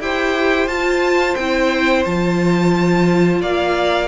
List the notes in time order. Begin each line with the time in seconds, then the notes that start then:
0.00 E4 G4 C5 G5
0.68 F4 A5
1.35 C4 E4 G5
2.06 F3 F4 A5
3.41 A#3 D5 F5